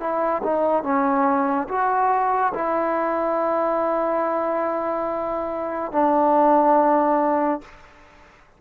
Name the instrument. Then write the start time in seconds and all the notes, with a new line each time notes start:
trombone
0.00 E4
0.43 D#4
0.83 C#4
1.68 F#4
2.54 E4
5.92 D4